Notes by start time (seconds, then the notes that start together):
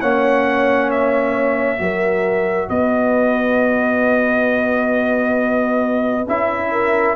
0.00 A#3 C#4 C#5 F#5
0.91 E5
1.77 F#3 F#4 A#4
2.69 B3 B4 D#5
6.27 C#4 E4 E5
6.71 A#4